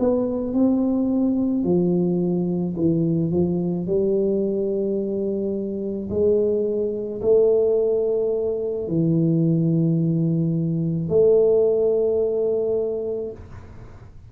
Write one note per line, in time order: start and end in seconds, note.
0.00 0.54 B3
0.54 1.64 C4
1.64 2.75 F3
2.77 3.31 E3
3.31 3.87 F3
3.87 6.09 G3
6.10 7.21 G#3
7.22 8.88 A3
8.88 11.10 E3
11.10 13.32 A3